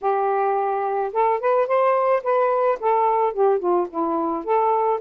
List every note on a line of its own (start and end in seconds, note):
0.01 1.12 G4
1.12 1.40 A4
1.40 1.67 B4
1.67 2.22 C5
2.23 2.78 B4
2.80 3.33 A4
3.33 3.59 G4
3.59 3.87 F4
3.89 4.44 E4
4.44 4.99 A4